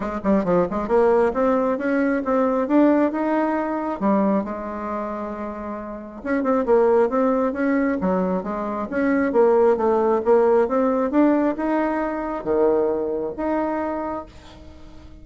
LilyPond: \new Staff \with { instrumentName = "bassoon" } { \time 4/4 \tempo 4 = 135 gis8 g8 f8 gis8 ais4 c'4 | cis'4 c'4 d'4 dis'4~ | dis'4 g4 gis2~ | gis2 cis'8 c'8 ais4 |
c'4 cis'4 fis4 gis4 | cis'4 ais4 a4 ais4 | c'4 d'4 dis'2 | dis2 dis'2 | }